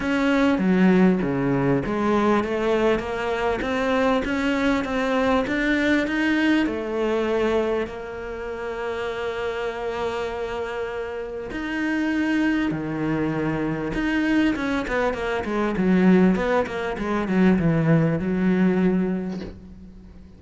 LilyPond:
\new Staff \with { instrumentName = "cello" } { \time 4/4 \tempo 4 = 99 cis'4 fis4 cis4 gis4 | a4 ais4 c'4 cis'4 | c'4 d'4 dis'4 a4~ | a4 ais2.~ |
ais2. dis'4~ | dis'4 dis2 dis'4 | cis'8 b8 ais8 gis8 fis4 b8 ais8 | gis8 fis8 e4 fis2 | }